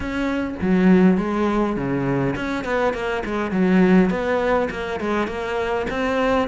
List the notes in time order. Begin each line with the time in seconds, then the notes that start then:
0.00 C#4
0.61 F#3
1.17 G#3
1.76 C#3
2.35 C#4
2.64 B3
2.93 A#3
3.25 G#3
3.51 F#3
4.10 B3
4.70 A#3
5.00 G#3
5.27 A#3
5.90 C4